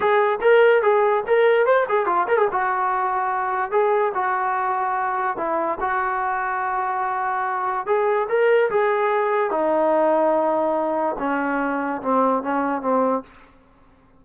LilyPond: \new Staff \with { instrumentName = "trombone" } { \time 4/4 \tempo 4 = 145 gis'4 ais'4 gis'4 ais'4 | c''8 gis'8 f'8 ais'16 gis'16 fis'2~ | fis'4 gis'4 fis'2~ | fis'4 e'4 fis'2~ |
fis'2. gis'4 | ais'4 gis'2 dis'4~ | dis'2. cis'4~ | cis'4 c'4 cis'4 c'4 | }